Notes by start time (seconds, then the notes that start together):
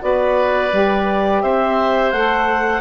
0.00 B3 F#4 B4 D5
0.72 G3 G4
1.42 C4 C5 E5
2.12 A3 A4 F#5